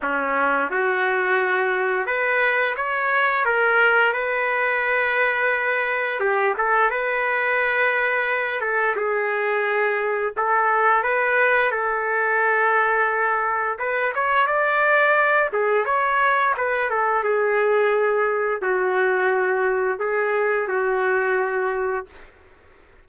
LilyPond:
\new Staff \with { instrumentName = "trumpet" } { \time 4/4 \tempo 4 = 87 cis'4 fis'2 b'4 | cis''4 ais'4 b'2~ | b'4 g'8 a'8 b'2~ | b'8 a'8 gis'2 a'4 |
b'4 a'2. | b'8 cis''8 d''4. gis'8 cis''4 | b'8 a'8 gis'2 fis'4~ | fis'4 gis'4 fis'2 | }